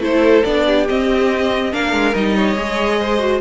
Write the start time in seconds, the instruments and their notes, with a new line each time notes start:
0.00 cello A3, viola E4, violin A4 C5
0.44 cello B3, viola D4, violin D5
0.66 violin G4
0.88 viola C4, cello C4, violin D#5
1.71 cello A#3, viola D4, violin A#4 F5
1.92 cello G#3
2.14 cello G3, viola D#4, violin D#5
2.36 violin C#5
2.56 cello G#3, viola G#4
2.99 violin C5
3.18 viola F#4